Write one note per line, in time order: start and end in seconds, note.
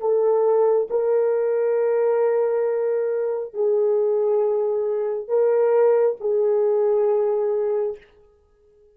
0.00 0.88 A4
0.90 3.54 A#4
3.54 5.28 G#4
5.28 6.16 A#4
6.21 7.97 G#4